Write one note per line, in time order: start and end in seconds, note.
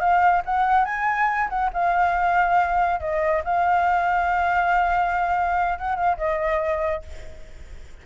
0.00 0.43 F5
0.45 0.85 F#5
0.85 1.49 G#5
1.49 1.70 F#5
1.73 3.00 F5
3.00 3.43 D#5
3.44 5.79 F5
5.79 5.96 F#5
5.96 6.17 F5
6.17 7.02 D#5